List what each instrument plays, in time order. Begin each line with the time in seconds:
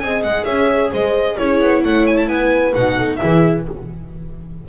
0.00 double bass C4, viola G#4, horn D#5, violin G#5
0.23 double bass G#3, violin F#5
0.45 double bass C#4, horn C#5, violin E5
0.91 double bass G#3, horn C5, violin D#5
1.37 double bass C#4, viola E4, horn G#4, violin C#5
1.61 double bass B3
1.83 double bass A3, horn C#5, violin F#5
2.07 violin G#5
2.17 violin A5
2.28 double bass B3, horn B4, violin G#5
2.75 double bass B2, viola D#4, violin F#5
2.97 horn A4
3.16 viola E4, horn G#4, violin E5
3.23 double bass E3